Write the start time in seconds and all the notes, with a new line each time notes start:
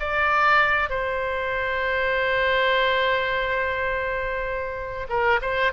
0.00 D5
0.90 C5
5.09 A#4
5.42 C5